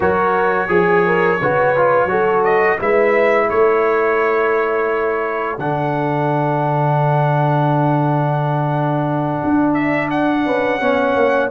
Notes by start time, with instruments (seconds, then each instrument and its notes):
0.00 tuba F#3, trombone F#4, horn A#4, trumpet C#5
0.68 tuba F3, trombone G#4, horn G#4
1.06 horn A#4
1.41 tuba C#3, trombone F#4, horn B4
1.76 trombone F4
2.05 tuba F#3, trombone F#4, horn A4
2.44 trumpet D#5
2.79 tuba G#3, trombone E4, horn B4, trumpet E5
3.46 tuba A3, horn A4, trumpet C#5
5.58 tuba D3, trombone D4, trumpet F#5
9.44 tuba D4
9.74 trumpet E5
10.10 trumpet F#5
10.45 tuba C#4, horn B4
10.80 tuba B3, trombone C#4, horn C#5
11.15 tuba A#3